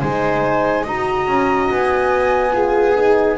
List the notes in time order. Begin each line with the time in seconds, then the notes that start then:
0.00 G#3 D#4 C5 G#5
0.83 D#4 F#4 D#5 A#5
1.27 C#4
1.70 B3 G#5
2.52 F4 G#4
2.96 D#4